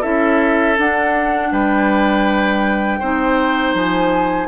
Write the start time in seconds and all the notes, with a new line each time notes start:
0.00 C#4 E4 A4 E5
0.78 D4 F#5
1.52 G3 B4 G5
2.99 C4 D#4 C5
3.74 F3 G#5